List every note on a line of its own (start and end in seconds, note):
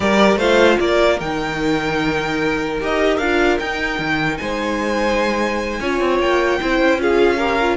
0.00 0.36 G3
0.00 0.39 G4
0.00 0.38 A#4
0.00 0.38 D5
0.36 0.76 A3
0.36 1.20 F4
0.36 0.78 C5
0.36 0.79 F5
0.79 1.20 A#3
0.79 4.39 A#4
0.79 1.19 D5
1.20 2.80 D#3
1.20 2.80 D#4
1.20 2.80 G5
2.80 3.18 D#4
2.80 3.20 G4
2.80 3.17 D#5
3.17 3.58 D4
3.17 3.61 F4
3.17 3.57 F5
3.59 3.99 D#4
3.59 5.81 D#4
3.59 4.37 G5
3.99 4.39 D#3
4.37 5.79 G#3
4.37 5.80 C5
4.37 6.17 G#5
5.79 5.99 C#4
5.79 6.60 F4
5.79 6.60 C#5
6.00 6.19 C4
6.19 6.59 A#3
6.19 7.00 G5
6.60 6.78 C4
6.60 6.99 E4
6.60 7.01 C5
6.78 7.76 C#4
6.99 7.39 F4
6.99 7.37 G#4
6.99 7.76 F5
7.37 7.59 G4
7.37 7.76 A#4
7.61 7.76 F4